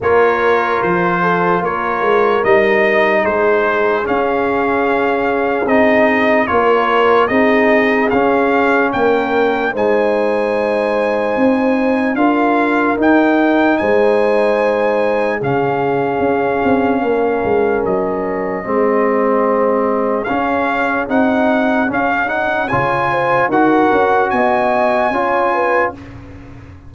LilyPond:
<<
  \new Staff \with { instrumentName = "trumpet" } { \time 4/4 \tempo 4 = 74 cis''4 c''4 cis''4 dis''4 | c''4 f''2 dis''4 | cis''4 dis''4 f''4 g''4 | gis''2. f''4 |
g''4 gis''2 f''4~ | f''2 dis''2~ | dis''4 f''4 fis''4 f''8 fis''8 | gis''4 fis''4 gis''2 | }
  \new Staff \with { instrumentName = "horn" } { \time 4/4 ais'4. a'8 ais'2 | gis'1 | ais'4 gis'2 ais'4 | c''2. ais'4~ |
ais'4 c''2 gis'4~ | gis'4 ais'2 gis'4~ | gis'1 | cis''8 c''8 ais'4 dis''4 cis''8 b'8 | }
  \new Staff \with { instrumentName = "trombone" } { \time 4/4 f'2. dis'4~ | dis'4 cis'2 dis'4 | f'4 dis'4 cis'2 | dis'2. f'4 |
dis'2. cis'4~ | cis'2. c'4~ | c'4 cis'4 dis'4 cis'8 dis'8 | f'4 fis'2 f'4 | }
  \new Staff \with { instrumentName = "tuba" } { \time 4/4 ais4 f4 ais8 gis8 g4 | gis4 cis'2 c'4 | ais4 c'4 cis'4 ais4 | gis2 c'4 d'4 |
dis'4 gis2 cis4 | cis'8 c'8 ais8 gis8 fis4 gis4~ | gis4 cis'4 c'4 cis'4 | cis4 dis'8 cis'8 b4 cis'4 | }
>>